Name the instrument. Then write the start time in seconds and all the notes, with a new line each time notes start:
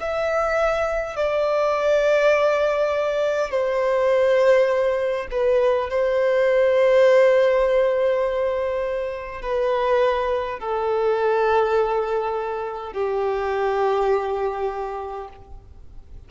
violin
0.00 E5
1.16 D5
3.50 C5
5.30 B4
5.90 C5
9.42 B4
10.59 A4
12.93 G4